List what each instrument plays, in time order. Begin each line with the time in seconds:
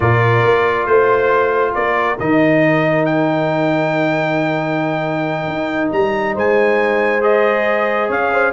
0.00 tuba A#2, trombone F4, horn A#4, trumpet D5
0.43 tuba A#3
0.86 tuba A3, trumpet C5, horn C5
1.74 tuba A#3, horn A#4, trumpet D5
2.19 tuba D#3, trombone D#4, trumpet D#5
3.05 trumpet G5
5.47 tuba D#4
5.92 tuba G3, trumpet A#5
6.33 tuba G#3, horn C5, trumpet G#5
7.21 trombone G#4, trumpet D#5
8.08 tuba C#4, horn C#5, trumpet F5
8.33 horn C5